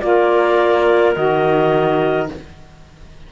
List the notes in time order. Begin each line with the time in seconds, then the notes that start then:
0.00 A#3 F4 A#4 D5
1.14 D#3 F#4 D#5